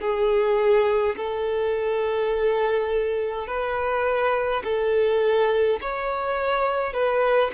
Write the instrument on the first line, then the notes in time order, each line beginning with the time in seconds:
violin
0.00 G#4
1.16 A4
3.47 B4
4.64 A4
5.81 C#5
6.93 B4